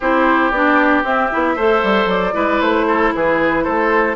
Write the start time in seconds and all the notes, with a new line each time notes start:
0.00 C4 E4 G4 C5
0.50 B3 D4 D5
1.03 C4 E5
1.31 B3 E4
1.55 A3 A4 C5
1.83 G3
2.05 F#3 D5
2.32 G#3 E4 B4
2.60 A3 C5
2.87 A4
3.14 E3 G#4 B4
3.63 A3 A4 C5